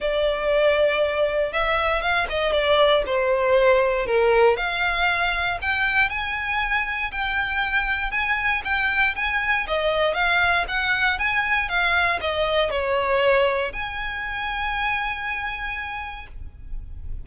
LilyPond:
\new Staff \with { instrumentName = "violin" } { \time 4/4 \tempo 4 = 118 d''2. e''4 | f''8 dis''8 d''4 c''2 | ais'4 f''2 g''4 | gis''2 g''2 |
gis''4 g''4 gis''4 dis''4 | f''4 fis''4 gis''4 f''4 | dis''4 cis''2 gis''4~ | gis''1 | }